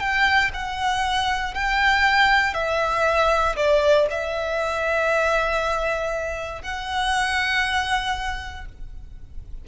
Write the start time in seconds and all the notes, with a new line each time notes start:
0.00 G5
0.54 F#5
1.54 G5
2.54 E5
3.56 D5
4.10 E5
6.62 F#5